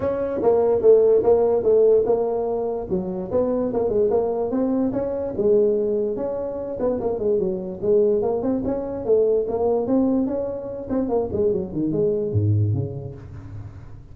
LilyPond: \new Staff \with { instrumentName = "tuba" } { \time 4/4 \tempo 4 = 146 cis'4 ais4 a4 ais4 | a4 ais2 fis4 | b4 ais8 gis8 ais4 c'4 | cis'4 gis2 cis'4~ |
cis'8 b8 ais8 gis8 fis4 gis4 | ais8 c'8 cis'4 a4 ais4 | c'4 cis'4. c'8 ais8 gis8 | fis8 dis8 gis4 gis,4 cis4 | }